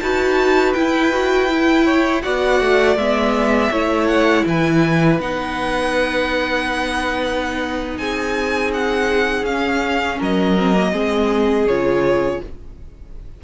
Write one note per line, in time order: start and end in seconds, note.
0.00 0.75 D#4
0.00 0.76 F#4
0.00 1.85 B4
0.00 0.73 A5
0.73 1.12 E4
0.73 2.25 E4
0.73 2.21 G5
1.12 1.49 F#4
1.49 2.22 E4
1.85 2.22 C#5
2.22 2.60 B3
2.22 2.96 F#4
2.22 3.71 D5
2.22 2.97 F#5
2.60 2.96 A3
2.96 3.70 G#3
2.96 3.72 B3
2.96 4.07 E5
3.71 4.45 A3
3.71 5.20 E4
3.71 4.45 C#5
4.07 4.44 F#5
4.46 5.20 E3
4.46 7.99 B4
4.46 5.21 G#5
5.20 7.98 B3
5.20 9.47 D#4
5.20 7.97 F#5
7.97 9.43 C4
7.97 10.19 G#4
7.97 8.71 G#5
8.74 9.45 F#5
9.43 10.17 C#4
9.43 10.58 C#4
9.43 10.19 F5
10.19 10.92 F#3
10.19 10.92 A#4
10.19 11.68 D#5
10.58 10.73 C4
10.73 10.92 A#3
10.92 11.66 G#3
10.92 11.66 C4
10.92 12.41 G#4
11.66 12.40 C#3
11.66 12.44 F4
11.66 12.42 C#5